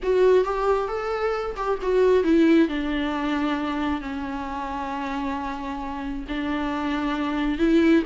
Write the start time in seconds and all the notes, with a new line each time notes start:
0.02 F#4
0.44 G4
0.88 A4
1.56 G4
1.82 F#4
2.23 E4
2.68 D4
4.01 C#4
6.28 D4
7.58 E4